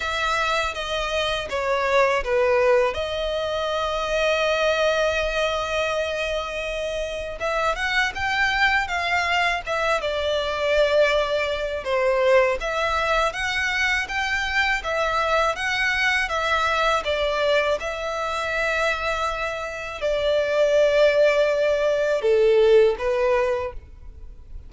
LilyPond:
\new Staff \with { instrumentName = "violin" } { \time 4/4 \tempo 4 = 81 e''4 dis''4 cis''4 b'4 | dis''1~ | dis''2 e''8 fis''8 g''4 | f''4 e''8 d''2~ d''8 |
c''4 e''4 fis''4 g''4 | e''4 fis''4 e''4 d''4 | e''2. d''4~ | d''2 a'4 b'4 | }